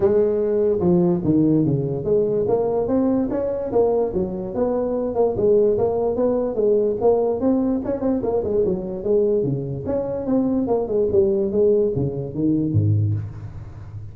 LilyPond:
\new Staff \with { instrumentName = "tuba" } { \time 4/4 \tempo 4 = 146 gis2 f4 dis4 | cis4 gis4 ais4 c'4 | cis'4 ais4 fis4 b4~ | b8 ais8 gis4 ais4 b4 |
gis4 ais4 c'4 cis'8 c'8 | ais8 gis8 fis4 gis4 cis4 | cis'4 c'4 ais8 gis8 g4 | gis4 cis4 dis4 gis,4 | }